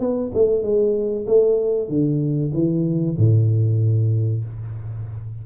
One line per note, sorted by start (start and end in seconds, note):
0.00 0.32 B3
0.34 0.63 A3
0.63 1.26 G#3
1.27 1.89 A3
1.89 2.52 D3
2.53 3.17 E3
3.18 4.44 A2